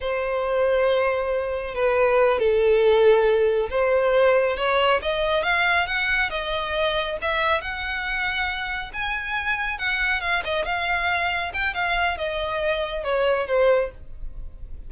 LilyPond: \new Staff \with { instrumentName = "violin" } { \time 4/4 \tempo 4 = 138 c''1 | b'4. a'2~ a'8~ | a'8 c''2 cis''4 dis''8~ | dis''8 f''4 fis''4 dis''4.~ |
dis''8 e''4 fis''2~ fis''8~ | fis''8 gis''2 fis''4 f''8 | dis''8 f''2 g''8 f''4 | dis''2 cis''4 c''4 | }